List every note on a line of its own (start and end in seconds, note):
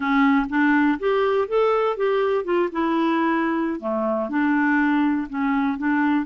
0.00 0.46 C#4
0.49 0.98 D4
0.99 1.48 G4
1.48 1.96 A4
1.96 2.44 G4
2.44 2.69 F4
2.71 3.80 E4
3.80 4.29 A3
4.29 5.27 D4
5.29 5.77 C#4
5.77 6.25 D4